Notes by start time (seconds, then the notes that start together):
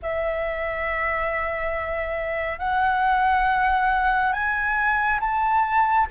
0.02 E5
2.58 F#5
4.32 G#5
5.20 A5